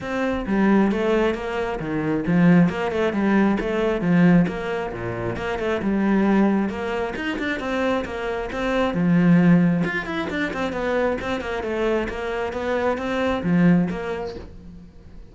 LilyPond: \new Staff \with { instrumentName = "cello" } { \time 4/4 \tempo 4 = 134 c'4 g4 a4 ais4 | dis4 f4 ais8 a8 g4 | a4 f4 ais4 ais,4 | ais8 a8 g2 ais4 |
dis'8 d'8 c'4 ais4 c'4 | f2 f'8 e'8 d'8 c'8 | b4 c'8 ais8 a4 ais4 | b4 c'4 f4 ais4 | }